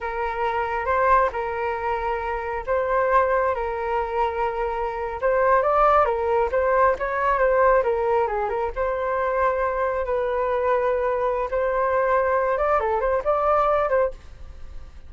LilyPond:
\new Staff \with { instrumentName = "flute" } { \time 4/4 \tempo 4 = 136 ais'2 c''4 ais'4~ | ais'2 c''2 | ais'2.~ ais'8. c''16~ | c''8. d''4 ais'4 c''4 cis''16~ |
cis''8. c''4 ais'4 gis'8 ais'8 c''16~ | c''2~ c''8. b'4~ b'16~ | b'2 c''2~ | c''8 d''8 a'8 c''8 d''4. c''8 | }